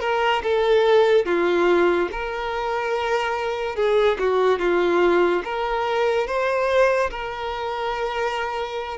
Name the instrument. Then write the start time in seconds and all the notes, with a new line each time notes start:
violin
0.00 A#4
0.43 A4
1.25 F4
2.11 A#4
3.76 G#4
4.19 F#4
4.59 F4
5.44 A#4
6.27 C5
7.10 A#4